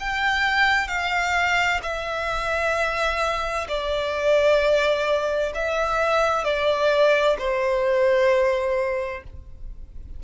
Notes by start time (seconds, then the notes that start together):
0.00 G5
0.88 F5
1.83 E5
3.68 D5
5.55 E5
6.44 D5
7.39 C5